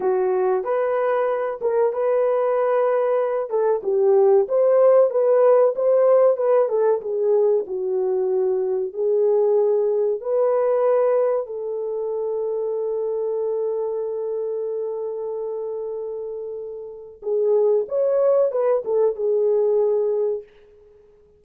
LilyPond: \new Staff \with { instrumentName = "horn" } { \time 4/4 \tempo 4 = 94 fis'4 b'4. ais'8 b'4~ | b'4. a'8 g'4 c''4 | b'4 c''4 b'8 a'8 gis'4 | fis'2 gis'2 |
b'2 a'2~ | a'1~ | a'2. gis'4 | cis''4 b'8 a'8 gis'2 | }